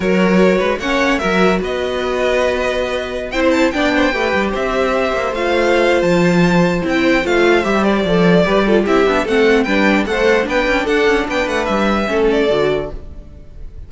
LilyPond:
<<
  \new Staff \with { instrumentName = "violin" } { \time 4/4 \tempo 4 = 149 cis''2 fis''4 e''4 | dis''1~ | dis''16 g''16 c''16 a''8 g''2 e''8.~ | e''4~ e''16 f''4.~ f''16 a''4~ |
a''4 g''4 f''4 e''8 d''8~ | d''2 e''4 fis''4 | g''4 fis''4 g''4 fis''4 | g''8 fis''8 e''4. d''4. | }
  \new Staff \with { instrumentName = "violin" } { \time 4/4 ais'4. b'8 cis''4 ais'4 | b'1~ | b'16 c''4 d''8 c''8 b'4 c''8.~ | c''1~ |
c''1~ | c''4 b'8 a'8 g'4 a'4 | b'4 c''4 b'4 a'4 | b'2 a'2 | }
  \new Staff \with { instrumentName = "viola" } { \time 4/4 fis'2 cis'4 fis'4~ | fis'1~ | fis'16 e'4 d'4 g'4.~ g'16~ | g'4~ g'16 f'2~ f'8.~ |
f'4 e'4 f'4 g'4 | a'4 g'8 f'8 e'8 d'8 c'4 | d'4 a'4 d'2~ | d'2 cis'4 fis'4 | }
  \new Staff \with { instrumentName = "cello" } { \time 4/4 fis4. gis8 ais4 fis4 | b1~ | b16 c'4 b4 a8 g8 c'8.~ | c'8. ais8 a4.~ a16 f4~ |
f4 c'4 a4 g4 | f4 g4 c'8 b8 a4 | g4 a4 b8 cis'8 d'8 cis'8 | b8 a8 g4 a4 d4 | }
>>